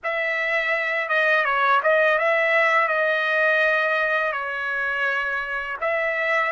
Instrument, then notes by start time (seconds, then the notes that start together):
trumpet
0.03 E5
1.08 D#5
1.44 C#5
1.82 D#5
2.18 E5
2.88 D#5
4.32 C#5
5.80 E5